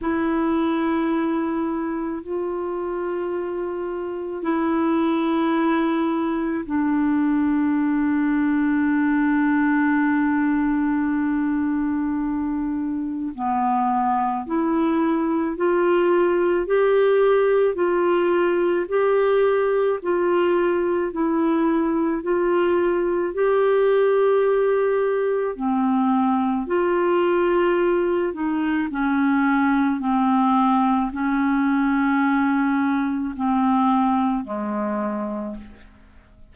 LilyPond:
\new Staff \with { instrumentName = "clarinet" } { \time 4/4 \tempo 4 = 54 e'2 f'2 | e'2 d'2~ | d'1 | b4 e'4 f'4 g'4 |
f'4 g'4 f'4 e'4 | f'4 g'2 c'4 | f'4. dis'8 cis'4 c'4 | cis'2 c'4 gis4 | }